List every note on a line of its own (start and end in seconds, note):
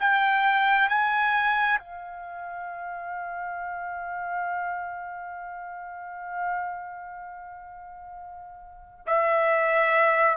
0.00 0.89 G5
0.89 1.79 G#5
1.79 9.06 F5
9.07 10.37 E5